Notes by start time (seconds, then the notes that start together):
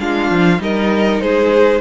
0.00 G#3 D4 F4 F5
0.31 F3
0.59 G3 D#4 A#4 D#5
1.21 G#3 G#4 C5